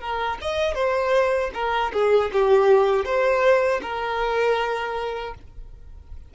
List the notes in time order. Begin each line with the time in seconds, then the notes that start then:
0.00 A#4
0.41 D#5
0.74 C5
1.53 A#4
1.93 G#4
2.32 G4
3.04 C5
3.82 A#4